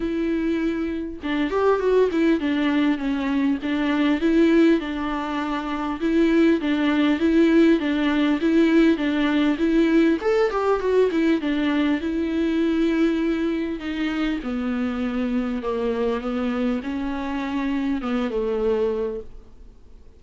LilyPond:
\new Staff \with { instrumentName = "viola" } { \time 4/4 \tempo 4 = 100 e'2 d'8 g'8 fis'8 e'8 | d'4 cis'4 d'4 e'4 | d'2 e'4 d'4 | e'4 d'4 e'4 d'4 |
e'4 a'8 g'8 fis'8 e'8 d'4 | e'2. dis'4 | b2 ais4 b4 | cis'2 b8 a4. | }